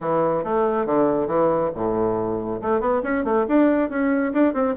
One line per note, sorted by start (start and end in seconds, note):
0.00 0.44 E3
0.44 0.86 A3
0.86 1.27 D3
1.27 1.70 E3
1.75 2.61 A2
2.61 2.80 A3
2.80 3.02 B3
3.03 3.24 C#4
3.24 3.45 A3
3.48 3.89 D4
3.89 4.32 C#4
4.33 4.53 D4
4.53 4.75 C4